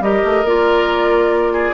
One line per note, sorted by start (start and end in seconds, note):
0.00 0.22 G3
0.00 0.45 G4
0.00 1.53 A#4
0.00 0.46 D#5
0.24 0.44 A3
0.44 1.73 A#3
0.44 1.74 F4
0.44 1.74 D5
1.53 1.74 G#4